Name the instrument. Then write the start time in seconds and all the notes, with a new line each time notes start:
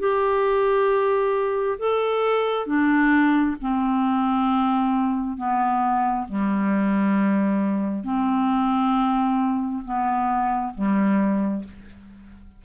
clarinet
0.00 G4
1.80 A4
2.67 D4
3.62 C4
5.38 B3
6.29 G3
8.05 C4
9.85 B3
10.75 G3